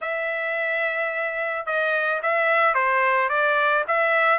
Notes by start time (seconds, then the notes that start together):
0.01 E5
1.66 D#5
2.22 E5
2.74 C5
3.29 D5
3.87 E5